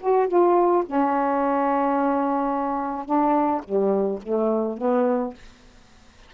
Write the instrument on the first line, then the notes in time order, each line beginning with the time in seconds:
saxophone
0.00 F#4
0.28 F4
0.86 C#4
3.05 D4
3.63 G3
4.22 A3
4.77 B3